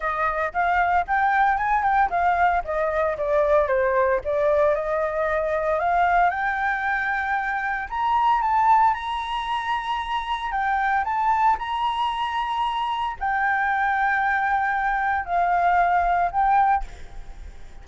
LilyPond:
\new Staff \with { instrumentName = "flute" } { \time 4/4 \tempo 4 = 114 dis''4 f''4 g''4 gis''8 g''8 | f''4 dis''4 d''4 c''4 | d''4 dis''2 f''4 | g''2. ais''4 |
a''4 ais''2. | g''4 a''4 ais''2~ | ais''4 g''2.~ | g''4 f''2 g''4 | }